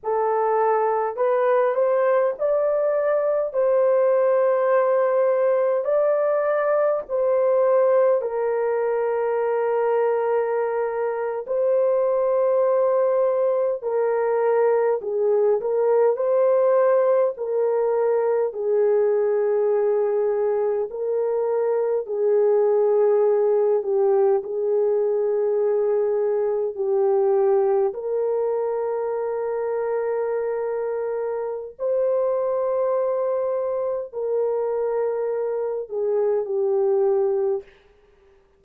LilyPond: \new Staff \with { instrumentName = "horn" } { \time 4/4 \tempo 4 = 51 a'4 b'8 c''8 d''4 c''4~ | c''4 d''4 c''4 ais'4~ | ais'4.~ ais'16 c''2 ais'16~ | ais'8. gis'8 ais'8 c''4 ais'4 gis'16~ |
gis'4.~ gis'16 ais'4 gis'4~ gis'16~ | gis'16 g'8 gis'2 g'4 ais'16~ | ais'2. c''4~ | c''4 ais'4. gis'8 g'4 | }